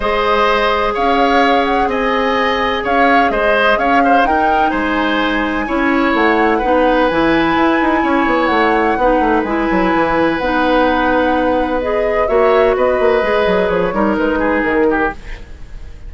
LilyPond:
<<
  \new Staff \with { instrumentName = "flute" } { \time 4/4 \tempo 4 = 127 dis''2 f''4. fis''8 | gis''2 f''4 dis''4 | f''4 g''4 gis''2~ | gis''4 fis''2 gis''4~ |
gis''2 fis''2 | gis''2 fis''2~ | fis''4 dis''4 e''4 dis''4~ | dis''4 cis''4 b'4 ais'4 | }
  \new Staff \with { instrumentName = "oboe" } { \time 4/4 c''2 cis''2 | dis''2 cis''4 c''4 | cis''8 c''8 ais'4 c''2 | cis''2 b'2~ |
b'4 cis''2 b'4~ | b'1~ | b'2 cis''4 b'4~ | b'4. ais'4 gis'4 g'8 | }
  \new Staff \with { instrumentName = "clarinet" } { \time 4/4 gis'1~ | gis'1~ | gis'4 dis'2. | e'2 dis'4 e'4~ |
e'2. dis'4 | e'2 dis'2~ | dis'4 gis'4 fis'2 | gis'4. dis'2~ dis'8 | }
  \new Staff \with { instrumentName = "bassoon" } { \time 4/4 gis2 cis'2 | c'2 cis'4 gis4 | cis'4 dis'4 gis2 | cis'4 a4 b4 e4 |
e'8 dis'8 cis'8 b8 a4 b8 a8 | gis8 fis8 e4 b2~ | b2 ais4 b8 ais8 | gis8 fis8 f8 g8 gis4 dis4 | }
>>